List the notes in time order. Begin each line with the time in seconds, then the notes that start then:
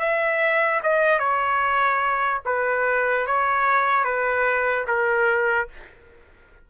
0.00 E5
0.83 D#5
1.19 C#5
2.46 B4
3.27 C#5
4.05 B4
4.88 A#4